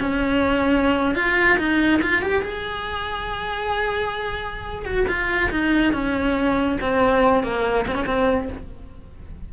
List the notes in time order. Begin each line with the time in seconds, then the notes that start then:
0.00 C#4
1.15 F4
1.58 D#4
2.02 F4
2.22 G4
2.42 G#4
4.85 F#4
5.08 F4
5.51 D#4
5.93 C#4
6.81 C4
7.44 A#3
7.88 C4
7.95 C#4
8.06 C4